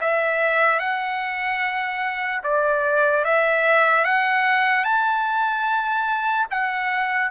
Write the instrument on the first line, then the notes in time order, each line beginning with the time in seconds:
trumpet
0.00 E5
0.79 F#5
2.43 D5
3.24 E5
4.04 F#5
4.84 A5
6.50 F#5